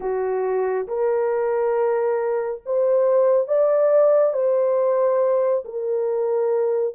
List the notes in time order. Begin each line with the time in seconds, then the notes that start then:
0.00 F#4
0.87 A#4
2.65 C5
3.47 D5
4.33 C5
5.64 A#4